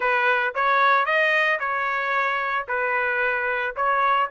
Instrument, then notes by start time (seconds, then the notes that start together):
trumpet
0.00 B4
0.55 C#5
1.05 D#5
1.59 C#5
2.68 B4
3.75 C#5